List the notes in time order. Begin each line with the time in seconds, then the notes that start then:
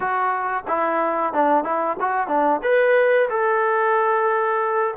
0.00 F#4
0.67 E4
1.33 D4
1.63 E4
1.99 F#4
2.27 D4
2.63 B4
3.29 A4